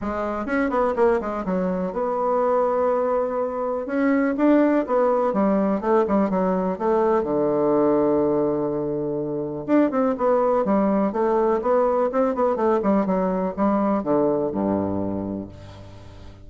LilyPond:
\new Staff \with { instrumentName = "bassoon" } { \time 4/4 \tempo 4 = 124 gis4 cis'8 b8 ais8 gis8 fis4 | b1 | cis'4 d'4 b4 g4 | a8 g8 fis4 a4 d4~ |
d1 | d'8 c'8 b4 g4 a4 | b4 c'8 b8 a8 g8 fis4 | g4 d4 g,2 | }